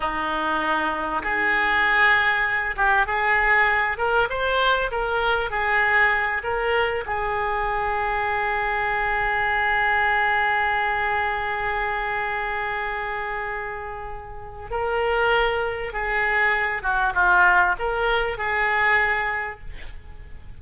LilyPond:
\new Staff \with { instrumentName = "oboe" } { \time 4/4 \tempo 4 = 98 dis'2 gis'2~ | gis'8 g'8 gis'4. ais'8 c''4 | ais'4 gis'4. ais'4 gis'8~ | gis'1~ |
gis'1~ | gis'1 | ais'2 gis'4. fis'8 | f'4 ais'4 gis'2 | }